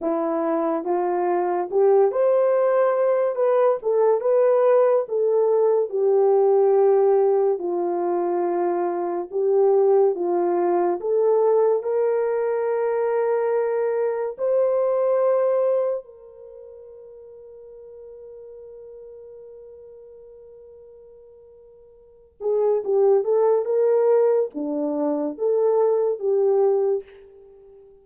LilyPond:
\new Staff \with { instrumentName = "horn" } { \time 4/4 \tempo 4 = 71 e'4 f'4 g'8 c''4. | b'8 a'8 b'4 a'4 g'4~ | g'4 f'2 g'4 | f'4 a'4 ais'2~ |
ais'4 c''2 ais'4~ | ais'1~ | ais'2~ ais'8 gis'8 g'8 a'8 | ais'4 d'4 a'4 g'4 | }